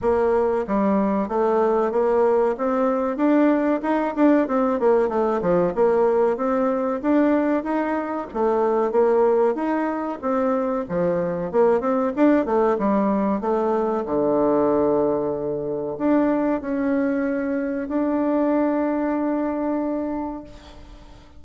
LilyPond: \new Staff \with { instrumentName = "bassoon" } { \time 4/4 \tempo 4 = 94 ais4 g4 a4 ais4 | c'4 d'4 dis'8 d'8 c'8 ais8 | a8 f8 ais4 c'4 d'4 | dis'4 a4 ais4 dis'4 |
c'4 f4 ais8 c'8 d'8 a8 | g4 a4 d2~ | d4 d'4 cis'2 | d'1 | }